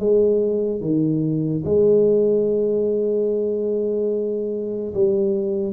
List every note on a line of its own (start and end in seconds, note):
0.00 0.81 G#3
0.81 1.64 D#3
1.65 4.94 G#3
4.94 5.73 G3